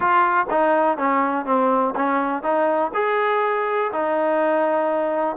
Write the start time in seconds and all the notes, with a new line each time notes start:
0.00 F4
0.49 D#4
0.97 C#4
1.45 C4
1.95 C#4
2.42 D#4
2.94 G#4
3.92 D#4